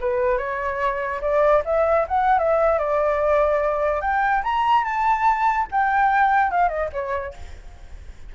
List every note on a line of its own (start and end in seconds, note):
0.00 0.38 B4
0.38 1.21 C#5
1.21 1.63 D5
1.65 2.06 E5
2.08 2.39 F#5
2.39 2.79 E5
2.79 4.01 D5
4.01 4.42 G5
4.43 4.84 A#5
4.84 5.67 A5
5.71 6.51 G5
6.51 6.68 F5
6.68 6.89 D#5
6.92 7.34 C#5